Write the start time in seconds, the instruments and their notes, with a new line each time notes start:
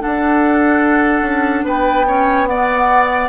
0.00 clarinet D4, bassoon D4, oboe A4, flute F#5
1.22 bassoon C#4
1.64 bassoon B3, oboe B4, flute G5
2.07 clarinet C#4, oboe C#5
2.47 clarinet B3, oboe D5, flute F#5